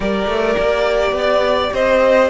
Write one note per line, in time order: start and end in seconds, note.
0.00 0.26 G3
0.00 2.30 G4
0.00 1.15 A#4
0.00 1.73 D5
0.26 0.55 A3
0.58 1.11 A#3
1.11 1.69 B3
1.18 1.73 D5
1.73 2.30 C4
1.73 2.30 C5
1.73 2.30 D#5